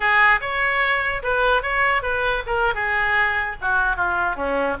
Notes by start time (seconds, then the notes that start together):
0.00 G#4
0.40 C#5
1.22 B4
1.62 C#5
2.02 B4
2.46 A#4
2.74 G#4
3.61 F#4
3.96 F4
4.35 C#4